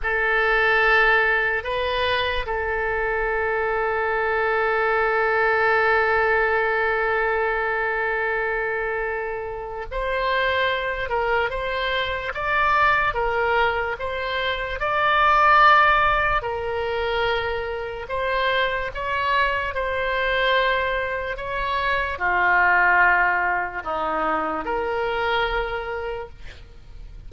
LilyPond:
\new Staff \with { instrumentName = "oboe" } { \time 4/4 \tempo 4 = 73 a'2 b'4 a'4~ | a'1~ | a'1 | c''4. ais'8 c''4 d''4 |
ais'4 c''4 d''2 | ais'2 c''4 cis''4 | c''2 cis''4 f'4~ | f'4 dis'4 ais'2 | }